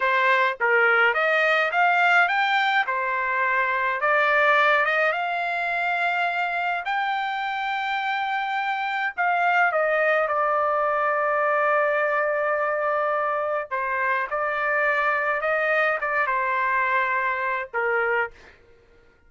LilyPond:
\new Staff \with { instrumentName = "trumpet" } { \time 4/4 \tempo 4 = 105 c''4 ais'4 dis''4 f''4 | g''4 c''2 d''4~ | d''8 dis''8 f''2. | g''1 |
f''4 dis''4 d''2~ | d''1 | c''4 d''2 dis''4 | d''8 c''2~ c''8 ais'4 | }